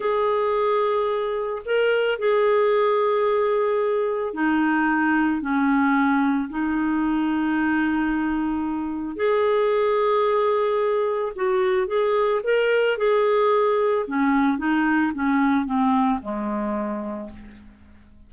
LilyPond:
\new Staff \with { instrumentName = "clarinet" } { \time 4/4 \tempo 4 = 111 gis'2. ais'4 | gis'1 | dis'2 cis'2 | dis'1~ |
dis'4 gis'2.~ | gis'4 fis'4 gis'4 ais'4 | gis'2 cis'4 dis'4 | cis'4 c'4 gis2 | }